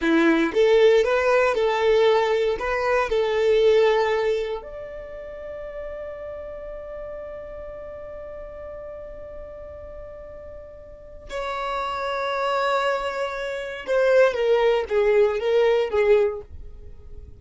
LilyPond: \new Staff \with { instrumentName = "violin" } { \time 4/4 \tempo 4 = 117 e'4 a'4 b'4 a'4~ | a'4 b'4 a'2~ | a'4 d''2.~ | d''1~ |
d''1~ | d''2 cis''2~ | cis''2. c''4 | ais'4 gis'4 ais'4 gis'4 | }